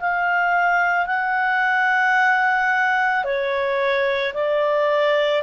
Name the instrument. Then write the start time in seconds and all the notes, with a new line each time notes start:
clarinet
0.00 F5
1.06 F#5
3.24 C#5
4.34 D5